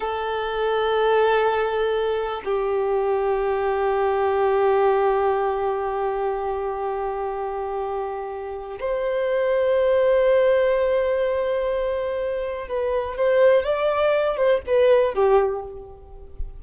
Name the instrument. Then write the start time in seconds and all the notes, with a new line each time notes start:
violin
0.00 A4
2.44 G4
8.79 C5
12.67 B4
13.16 C5
13.64 D5
14.36 C5
14.67 B4
15.14 G4